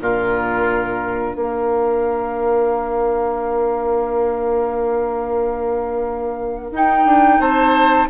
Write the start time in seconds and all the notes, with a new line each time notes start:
0.00 A#2 D4 F4 A#4
1.35 A#3 A#4 F5
6.72 D#4 G5
7.05 D4
7.40 C4 C5 A5